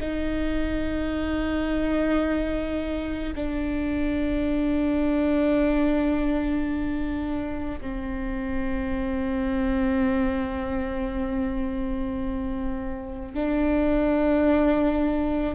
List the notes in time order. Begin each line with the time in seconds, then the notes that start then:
0.00 D#4
3.35 D4
7.80 C4
13.34 D4